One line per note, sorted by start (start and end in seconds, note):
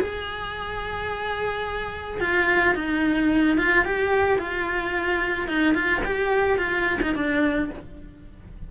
0.00 2.20 G#4
2.21 2.75 F4
2.75 3.58 D#4
3.58 3.85 F4
3.85 4.39 G4
4.39 5.48 F4
5.48 5.74 D#4
5.74 6.02 F4
6.05 6.58 G4
6.58 6.99 F4
7.02 7.15 D#4
7.15 7.70 D4